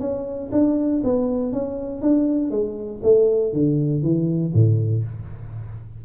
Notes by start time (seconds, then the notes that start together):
0.00 C#4
0.52 D4
1.04 B3
1.53 C#4
2.02 D4
2.51 G#3
3.03 A3
3.53 D3
4.03 E3
4.54 A2